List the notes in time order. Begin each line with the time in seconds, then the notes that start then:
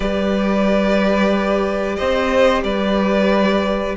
0.00 G3 G4 B4 D5
1.96 C4 C5 D#5
2.63 G3 B4 D5